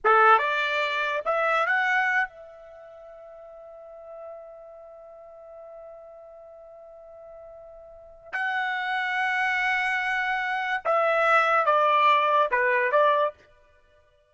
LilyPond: \new Staff \with { instrumentName = "trumpet" } { \time 4/4 \tempo 4 = 144 a'4 d''2 e''4 | fis''4. e''2~ e''8~ | e''1~ | e''1~ |
e''1 | fis''1~ | fis''2 e''2 | d''2 b'4 d''4 | }